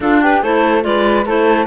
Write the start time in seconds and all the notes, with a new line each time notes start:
0.00 D4 F4 A4
0.21 G4 B4
0.42 A3 E4 A4 C5
0.81 G#3 F4 B4 D5
1.25 A3 E4 A4 C5